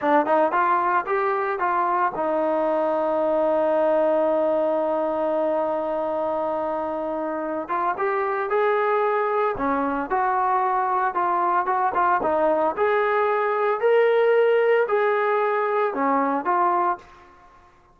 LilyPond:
\new Staff \with { instrumentName = "trombone" } { \time 4/4 \tempo 4 = 113 d'8 dis'8 f'4 g'4 f'4 | dis'1~ | dis'1~ | dis'2~ dis'8 f'8 g'4 |
gis'2 cis'4 fis'4~ | fis'4 f'4 fis'8 f'8 dis'4 | gis'2 ais'2 | gis'2 cis'4 f'4 | }